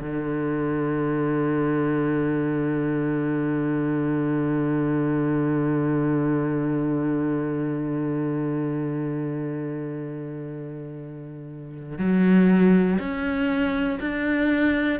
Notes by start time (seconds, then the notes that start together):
0.00 D3
11.98 F#3
12.99 C#4
14.00 D4